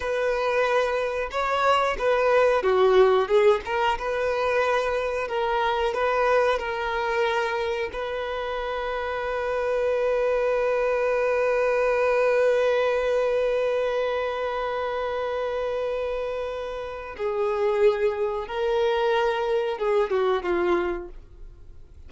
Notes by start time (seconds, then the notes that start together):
0.00 B4
1.31 C#5
1.98 B4
2.62 F#4
3.28 G#4
3.65 A#4
3.98 B4
5.27 A#4
5.93 B4
6.58 A#4
7.93 B4
17.17 G#4
18.47 A#4
19.78 G#4
20.10 F#4
20.42 F4